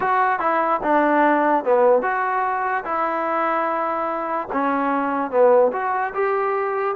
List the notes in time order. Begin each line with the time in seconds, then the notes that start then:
0.00 F#4
0.39 E4
0.83 D4
1.64 B3
2.02 F#4
2.84 E4
4.52 C#4
5.30 B3
5.72 F#4
6.14 G4